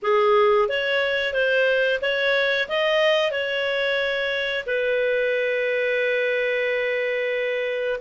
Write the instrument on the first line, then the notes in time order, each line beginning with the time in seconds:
clarinet
0.02 G#4
0.68 C#5
1.33 C5
2.01 C#5
2.68 D#5
3.31 C#5
4.66 B4